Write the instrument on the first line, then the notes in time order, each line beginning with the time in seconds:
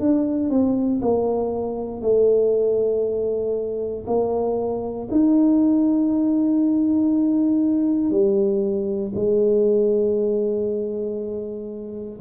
tuba
0.00 D4
0.50 C4
1.01 A#3
2.02 A3
4.07 A#3
5.11 D#4
8.11 G3
9.15 G#3